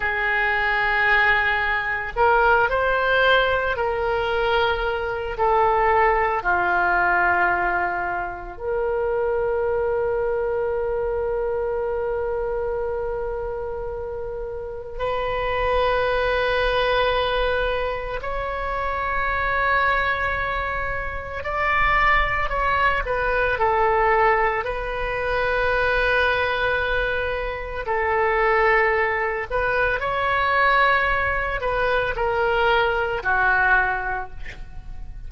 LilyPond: \new Staff \with { instrumentName = "oboe" } { \time 4/4 \tempo 4 = 56 gis'2 ais'8 c''4 ais'8~ | ais'4 a'4 f'2 | ais'1~ | ais'2 b'2~ |
b'4 cis''2. | d''4 cis''8 b'8 a'4 b'4~ | b'2 a'4. b'8 | cis''4. b'8 ais'4 fis'4 | }